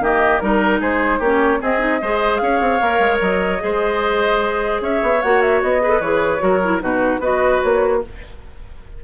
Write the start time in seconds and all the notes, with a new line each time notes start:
0.00 D#3 A#3 G4 D#5
0.40 G3 D#4 A#4
0.80 G#3 G#4 C5
1.19 A#3 C#4 G4 C#5
1.59 C4 G#4 D#5
1.79 D#4
2.02 G#3 G#4 C5
2.37 C#4 C#5 F5
2.60 C4
2.81 A#3 A#4
3.00 G#3
3.21 F#3 D#5
3.60 G#3 G#4 C5
4.81 C#4 C#5 E5
5.03 B3
5.22 A#3 F#4 F#5
5.42 E5
5.62 B3 D#5
5.82 G#4 B4
5.90 A4
6.00 E3 G#4 C#5
6.39 F#3 F#4 A#4
6.64 E4
6.80 B2 D#4 F#4 B4
7.20 B3 F#4 B4 D#5
7.63 A#3 C#5